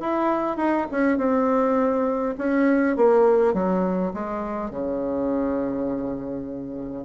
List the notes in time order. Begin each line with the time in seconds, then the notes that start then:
0.00 E4
0.57 D#4
0.91 C#4
1.17 C4
2.38 C#4
2.97 A#3
3.53 F#3
4.13 G#3
4.70 C#3